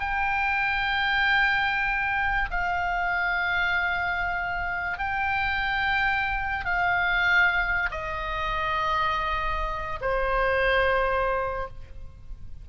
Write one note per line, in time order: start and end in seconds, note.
0.00 2.50 G5
2.51 4.98 F5
4.98 6.65 G5
6.65 7.90 F5
7.91 10.00 D#5
10.01 11.68 C5